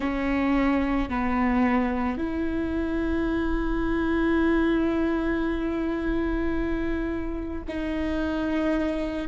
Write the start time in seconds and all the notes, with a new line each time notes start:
0.00 C#4
1.09 B3
2.17 E4
7.68 D#4